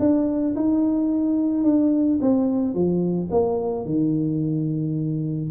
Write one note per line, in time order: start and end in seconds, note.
0.00 0.55 D4
0.56 1.64 D#4
1.64 2.19 D4
2.22 2.74 C4
2.74 3.30 F3
3.31 3.85 A#3
3.85 5.50 D#3